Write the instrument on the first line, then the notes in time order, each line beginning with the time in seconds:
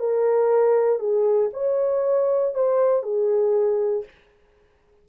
horn
0.00 A#4
0.99 G#4
1.53 C#5
2.55 C5
3.03 G#4